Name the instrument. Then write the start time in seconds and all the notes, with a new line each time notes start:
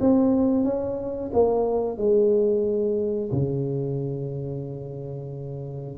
tuba
0.00 C4
0.64 C#4
1.33 A#3
1.97 G#3
3.32 C#3